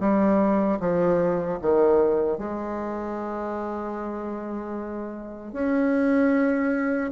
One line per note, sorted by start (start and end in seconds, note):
0.00 0.79 G3
0.80 1.59 F3
1.62 2.38 D#3
2.38 5.53 G#3
5.53 7.11 C#4